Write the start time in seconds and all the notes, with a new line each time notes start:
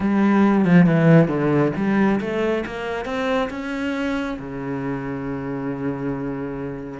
0.00 G3
0.64 F3
0.86 E3
1.28 D3
1.76 G3
2.20 A3
2.66 A#3
3.05 C4
3.50 C#4
4.38 C#3